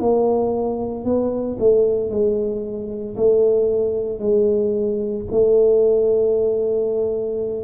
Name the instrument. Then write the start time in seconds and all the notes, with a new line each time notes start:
tuba
0.00 A#3
1.05 B3
1.59 A3
2.11 G#3
3.17 A3
4.20 G#3
5.32 A3